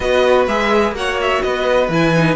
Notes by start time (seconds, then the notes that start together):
0.00 B3 F#4 B4 D#5
0.47 G#3 G#4 E5
0.91 A#3 F#4 C#5 F#5
1.21 E5
1.42 B3 B4 D#5
1.88 E3 E4 G#5
2.15 D#4